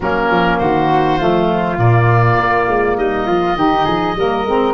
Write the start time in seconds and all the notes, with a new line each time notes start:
0.00 F#3 A#3 C#4 A#4
0.29 F3
0.57 D#3 F#4 C5
1.18 F3 A3 F4
1.77 A#2 A#3 D5
2.39 A#3
2.68 G#3
2.97 G3 D#4 D#5
3.26 F3 F4
3.55 D#3 D#4 G4
3.85 F3 G#4
4.15 G3 A#3 A#4
4.44 G#3 C4